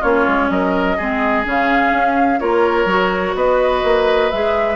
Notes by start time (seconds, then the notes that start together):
0.00 A#3 C#4 F4 C#5
0.27 G#3
0.49 F#3 A#4 D#5
0.96 G#3 C4 G#4
1.44 C#3 C#4 F5
1.92 C#4
2.39 A#3 F4 A#4 C#5
2.85 F#3 F#4
3.35 B3 B4 D#5
3.84 A#3
4.30 G#3 G#4 E5